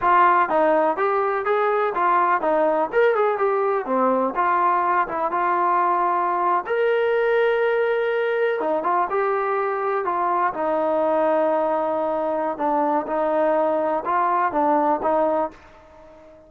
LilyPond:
\new Staff \with { instrumentName = "trombone" } { \time 4/4 \tempo 4 = 124 f'4 dis'4 g'4 gis'4 | f'4 dis'4 ais'8 gis'8 g'4 | c'4 f'4. e'8 f'4~ | f'4.~ f'16 ais'2~ ais'16~ |
ais'4.~ ais'16 dis'8 f'8 g'4~ g'16~ | g'8. f'4 dis'2~ dis'16~ | dis'2 d'4 dis'4~ | dis'4 f'4 d'4 dis'4 | }